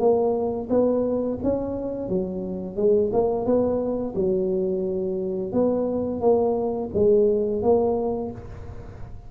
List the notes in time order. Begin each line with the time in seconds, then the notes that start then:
0.00 A#3
0.70 B3
1.44 C#4
2.09 F#3
2.77 G#3
3.13 A#3
3.46 B3
4.16 F#3
5.53 B3
6.21 A#3
6.94 G#3
7.63 A#3